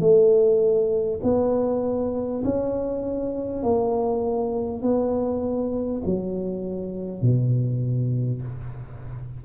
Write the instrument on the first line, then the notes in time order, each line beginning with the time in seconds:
tuba
0.00 A3
1.23 B3
2.44 C#4
3.63 A#3
4.82 B3
6.05 F#3
7.21 B2